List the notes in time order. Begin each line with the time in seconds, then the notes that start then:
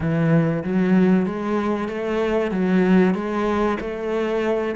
0.00 E3
0.63 F#3
1.26 G#3
1.88 A3
2.51 F#3
3.14 G#3
3.80 A3